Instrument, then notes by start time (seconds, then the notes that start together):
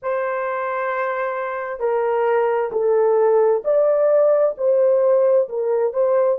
horn
0.02 C5
1.79 A#4
2.71 A4
3.64 D5
4.57 C5
5.48 A#4
5.93 C5